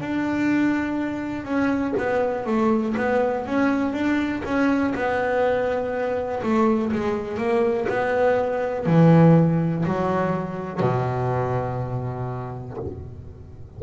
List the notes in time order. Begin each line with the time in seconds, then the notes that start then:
0.00 D4
1.44 C#4
1.98 B3
2.46 A3
2.96 B3
3.46 C#4
3.92 D4
4.44 C#4
4.94 B3
6.42 A3
6.92 G#3
7.37 A#3
7.88 B3
8.86 E3
9.85 F#3
10.80 B2